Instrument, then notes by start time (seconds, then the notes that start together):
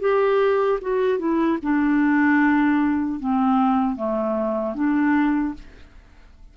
clarinet
0.00 G4
0.81 F#4
1.19 E4
1.62 D4
3.20 C4
3.96 A3
4.75 D4